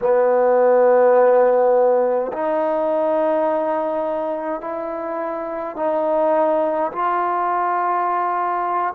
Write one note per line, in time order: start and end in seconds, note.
0.01 2.31 B3
2.32 4.60 D#4
4.60 5.76 E4
5.76 6.91 D#4
6.92 8.94 F4